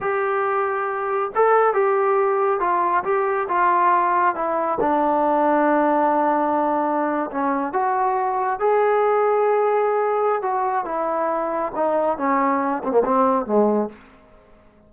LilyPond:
\new Staff \with { instrumentName = "trombone" } { \time 4/4 \tempo 4 = 138 g'2. a'4 | g'2 f'4 g'4 | f'2 e'4 d'4~ | d'1~ |
d'8. cis'4 fis'2 gis'16~ | gis'1 | fis'4 e'2 dis'4 | cis'4. c'16 ais16 c'4 gis4 | }